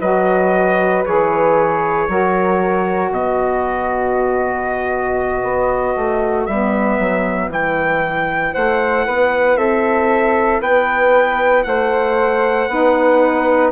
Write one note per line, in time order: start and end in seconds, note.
0.00 1.04 F#3
0.00 1.05 F#4
0.00 2.07 B4
0.00 1.04 D#5
1.05 2.08 E3
1.05 2.09 G#4
1.05 3.12 C#5
2.08 3.11 F#3
2.08 6.48 F#4
2.08 3.13 A#4
3.11 5.43 B2
3.11 8.53 B4
3.11 6.46 D#5
5.43 5.95 B3
5.96 6.47 A3
6.46 6.99 G3
6.46 7.52 B3
6.46 7.49 E5
6.99 7.48 F#3
7.48 8.52 E3
7.48 12.69 E4
7.48 8.55 G5
8.53 9.07 A3
8.53 9.05 C5
8.53 9.57 F#5
9.06 9.57 B3
9.06 9.58 B4
9.57 10.60 C4
9.57 10.60 A4
9.57 10.61 E5
10.60 11.65 B3
10.60 11.64 B4
10.60 11.64 G5
11.64 12.68 A3
11.64 12.70 C5
11.64 13.70 F#5
12.68 13.71 B3
12.68 13.72 D#4
12.68 13.72 B4